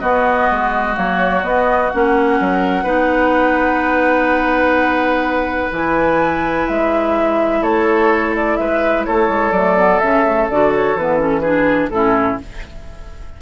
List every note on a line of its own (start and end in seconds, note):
0.00 0.50 B3
0.00 0.94 B3
0.00 2.39 F#4
0.00 0.95 D#5
0.51 0.98 G#3
0.94 1.44 F#3
0.94 1.42 A#3
0.94 1.44 C#5
1.44 1.91 B3
1.44 1.92 B3
1.44 1.90 D#5
1.90 2.40 A#3
1.90 2.85 C#4
1.90 5.71 F#5
2.40 2.84 F#3
2.40 2.84 A#4
2.84 5.70 B3
2.84 5.71 D#4
2.84 7.60 B4
5.72 6.67 E3
5.72 9.53 E4
5.72 6.69 G#5
6.69 7.62 G#3
6.69 7.63 E5
7.62 8.57 A3
7.62 8.58 A4
7.62 8.35 C#5
8.36 8.57 D5
8.57 9.07 G#3
8.57 9.07 B4
8.57 9.04 E5
9.05 9.29 A3
9.05 11.42 A4
9.05 9.52 C#5
9.29 9.52 G#3
9.52 10.00 F#3
9.52 9.77 A3
9.52 9.99 D5
9.77 10.01 B3
9.99 10.50 C#3
9.99 10.26 C#4
9.99 10.47 E5
10.26 10.50 A3
10.50 10.96 D3
10.50 10.99 F#4
10.50 10.74 D5
10.75 10.98 C#5
10.96 11.90 E3
10.96 11.18 B3
10.96 11.22 B4
11.18 11.42 C#4
11.18 11.40 A4
11.40 11.92 D4
11.40 11.89 G#4
11.40 11.88 B4
11.90 12.37 A2
11.90 12.41 C#4
11.90 12.42 E4
11.90 12.38 A4